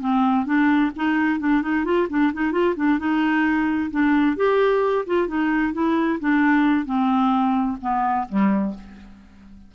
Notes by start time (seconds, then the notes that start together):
0.00 C4
0.45 D4
0.96 D#4
1.40 D4
1.62 D#4
1.85 F4
2.10 D4
2.33 D#4
2.52 F4
2.76 D4
2.99 D#4
3.91 D4
4.36 G4
5.07 F4
5.28 D#4
5.73 E4
6.20 D4
6.86 C4
7.82 B3
8.29 G3